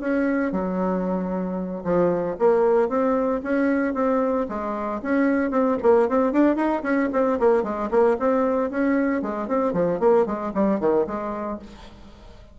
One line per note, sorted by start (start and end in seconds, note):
0.00 0.52 C#4
0.52 1.83 F#3
1.84 2.36 F3
2.39 2.89 A#3
2.89 3.41 C4
3.43 3.94 C#4
3.94 4.47 C4
4.49 5.01 G#3
5.02 5.51 C#4
5.51 5.77 C4
5.82 6.09 A#3
6.09 6.32 C4
6.32 6.56 D4
6.56 6.82 D#4
6.83 7.09 C#4
7.13 7.39 C4
7.39 7.63 A#3
7.63 7.90 G#3
7.91 8.17 A#3
8.19 8.70 C4
8.70 9.22 C#4
9.22 9.48 G#3
9.48 9.73 C4
9.73 10.00 F3
10.00 10.26 A#3
10.26 10.52 G#3
10.54 10.80 G3
10.80 11.06 D#3
11.07 11.59 G#3